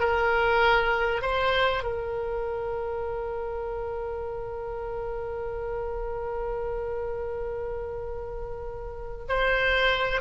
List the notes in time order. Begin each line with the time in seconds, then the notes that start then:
0.00 A#4
1.22 C5
1.83 A#4
9.28 C5